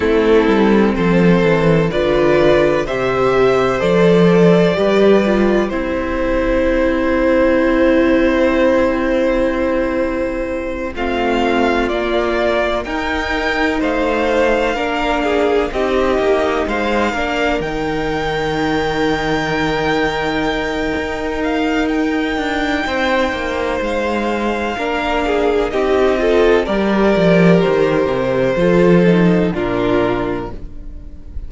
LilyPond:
<<
  \new Staff \with { instrumentName = "violin" } { \time 4/4 \tempo 4 = 63 a'4 c''4 d''4 e''4 | d''2 c''2~ | c''2.~ c''8 f''8~ | f''8 d''4 g''4 f''4.~ |
f''8 dis''4 f''4 g''4.~ | g''2~ g''8 f''8 g''4~ | g''4 f''2 dis''4 | d''4 c''2 ais'4 | }
  \new Staff \with { instrumentName = "violin" } { \time 4/4 e'4 a'4 b'4 c''4~ | c''4 b'4 g'2~ | g'2.~ g'8 f'8~ | f'4. ais'4 c''4 ais'8 |
gis'8 g'4 c''8 ais'2~ | ais'1 | c''2 ais'8 gis'8 g'8 a'8 | ais'2 a'4 f'4 | }
  \new Staff \with { instrumentName = "viola" } { \time 4/4 c'2 f'4 g'4 | a'4 g'8 f'8 e'2~ | e'2.~ e'8 c'8~ | c'8 ais4 dis'2 d'8~ |
d'8 dis'4. d'8 dis'4.~ | dis'1~ | dis'2 d'4 dis'8 f'8 | g'2 f'8 dis'8 d'4 | }
  \new Staff \with { instrumentName = "cello" } { \time 4/4 a8 g8 f8 e8 d4 c4 | f4 g4 c'2~ | c'2.~ c'8 a8~ | a8 ais4 dis'4 a4 ais8~ |
ais8 c'8 ais8 gis8 ais8 dis4.~ | dis2 dis'4. d'8 | c'8 ais8 gis4 ais4 c'4 | g8 f8 dis8 c8 f4 ais,4 | }
>>